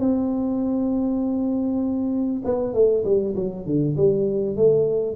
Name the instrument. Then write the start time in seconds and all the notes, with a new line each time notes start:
tuba
0.00 C4
2.45 B3
2.74 A3
3.05 G3
3.36 F#3
3.66 D3
3.97 G3
4.56 A3